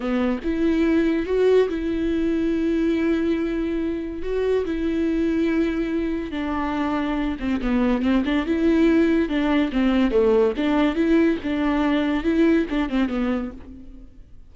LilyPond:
\new Staff \with { instrumentName = "viola" } { \time 4/4 \tempo 4 = 142 b4 e'2 fis'4 | e'1~ | e'2 fis'4 e'4~ | e'2. d'4~ |
d'4. c'8 b4 c'8 d'8 | e'2 d'4 c'4 | a4 d'4 e'4 d'4~ | d'4 e'4 d'8 c'8 b4 | }